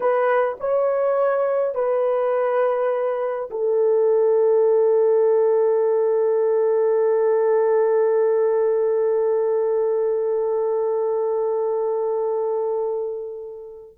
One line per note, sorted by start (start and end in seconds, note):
0.00 0.57 B4
0.60 1.74 C#5
1.74 3.49 B4
3.50 13.97 A4